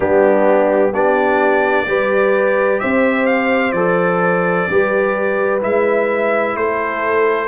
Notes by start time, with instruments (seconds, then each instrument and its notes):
0.00 tuba G3, trombone B3, horn D4, trumpet G4
0.90 tuba B3, trombone D4, horn G4, trumpet D5
1.86 tuba G3, trombone G4, horn B4
2.80 tuba C4, horn C5, trumpet E5
3.26 trumpet F5
3.71 tuba F3, trombone A4, trumpet D5
4.70 tuba G3, trombone G4, horn B4
5.61 tuba G#3, trombone E4, trumpet E5
6.55 tuba A3, horn A4, trumpet C5